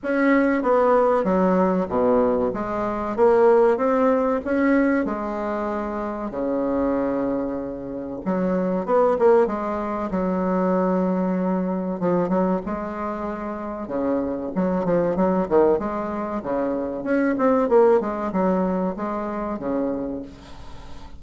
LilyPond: \new Staff \with { instrumentName = "bassoon" } { \time 4/4 \tempo 4 = 95 cis'4 b4 fis4 b,4 | gis4 ais4 c'4 cis'4 | gis2 cis2~ | cis4 fis4 b8 ais8 gis4 |
fis2. f8 fis8 | gis2 cis4 fis8 f8 | fis8 dis8 gis4 cis4 cis'8 c'8 | ais8 gis8 fis4 gis4 cis4 | }